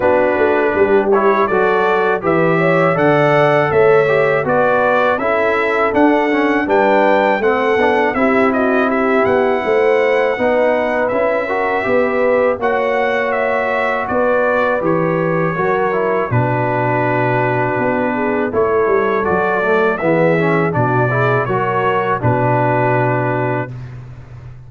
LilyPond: <<
  \new Staff \with { instrumentName = "trumpet" } { \time 4/4 \tempo 4 = 81 b'4. cis''8 d''4 e''4 | fis''4 e''4 d''4 e''4 | fis''4 g''4 fis''4 e''8 dis''8 | e''8 fis''2~ fis''8 e''4~ |
e''4 fis''4 e''4 d''4 | cis''2 b'2~ | b'4 cis''4 d''4 e''4 | d''4 cis''4 b'2 | }
  \new Staff \with { instrumentName = "horn" } { \time 4/4 fis'4 g'4 a'4 b'8 cis''8 | d''4 cis''4 b'4 a'4~ | a'4 b'4 a'4 g'8 fis'8 | g'4 c''4 b'4. ais'8 |
b'4 cis''2 b'4~ | b'4 ais'4 fis'2~ | fis'8 gis'8 a'2 gis'4 | fis'8 gis'8 ais'4 fis'2 | }
  \new Staff \with { instrumentName = "trombone" } { \time 4/4 d'4. e'8 fis'4 g'4 | a'4. g'8 fis'4 e'4 | d'8 cis'8 d'4 c'8 d'8 e'4~ | e'2 dis'4 e'8 fis'8 |
g'4 fis'2. | g'4 fis'8 e'8 d'2~ | d'4 e'4 fis'8 a8 b8 cis'8 | d'8 e'8 fis'4 d'2 | }
  \new Staff \with { instrumentName = "tuba" } { \time 4/4 b8 a8 g4 fis4 e4 | d4 a4 b4 cis'4 | d'4 g4 a8 b8 c'4~ | c'8 b8 a4 b4 cis'4 |
b4 ais2 b4 | e4 fis4 b,2 | b4 a8 g8 fis4 e4 | b,4 fis4 b,2 | }
>>